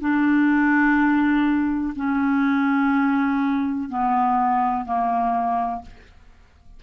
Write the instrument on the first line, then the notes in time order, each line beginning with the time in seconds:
clarinet
0.00 D4
1.95 C#4
3.89 B3
4.85 A#3